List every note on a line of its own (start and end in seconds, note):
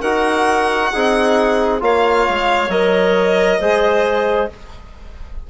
0.00 0.93 D#4
0.00 0.94 F#4
0.00 0.90 A#4
0.00 1.81 F#5
0.93 1.82 C4
0.93 1.80 D#4
0.93 1.82 G#4
1.80 2.27 A#3
1.80 2.70 F4
1.80 3.59 C#5
1.80 2.71 F5
2.29 2.69 G#3
2.69 3.59 F#3
2.69 3.60 A#4
2.69 4.50 D#5
3.59 4.50 G#3
3.59 4.50 G#4
3.59 4.49 C5